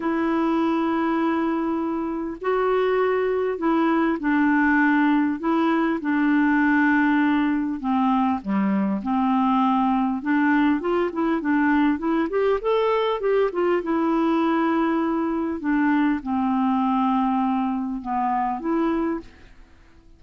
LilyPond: \new Staff \with { instrumentName = "clarinet" } { \time 4/4 \tempo 4 = 100 e'1 | fis'2 e'4 d'4~ | d'4 e'4 d'2~ | d'4 c'4 g4 c'4~ |
c'4 d'4 f'8 e'8 d'4 | e'8 g'8 a'4 g'8 f'8 e'4~ | e'2 d'4 c'4~ | c'2 b4 e'4 | }